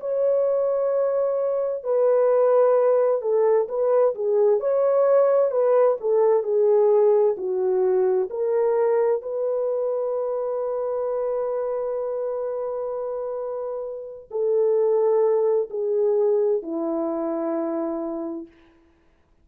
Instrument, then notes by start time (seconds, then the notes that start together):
horn
0.00 C#5
1.84 B4
3.21 A4
3.68 B4
4.15 G#4
4.60 C#5
5.51 B4
6.00 A4
6.43 G#4
7.37 F#4
8.30 A#4
9.22 B4
14.31 A4
15.70 G#4
16.62 E4